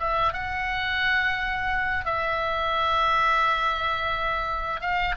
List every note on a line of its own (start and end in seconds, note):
0.00 0.34 E5
0.34 2.06 F#5
2.06 4.81 E5
4.81 5.16 F5